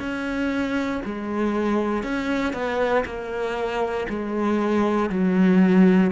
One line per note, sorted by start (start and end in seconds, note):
0.00 1.02 C#4
1.05 2.03 G#3
2.03 2.53 C#4
2.53 3.04 B3
3.06 4.07 A#3
4.10 5.10 G#3
5.10 6.12 F#3